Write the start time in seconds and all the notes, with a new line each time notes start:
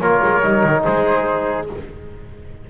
0.00 A#3 F4 A#4 C#5
0.24 G#3
0.43 G3 D#4
0.64 D#3
0.84 G#3 G#4 C5